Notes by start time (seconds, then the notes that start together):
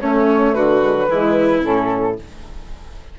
0.00 A3 C#4 C#5
0.54 D3 F#4 B4
0.83 G#3
0.94 F#3
1.09 E3 G#3 E4
1.62 A2 C#4 A4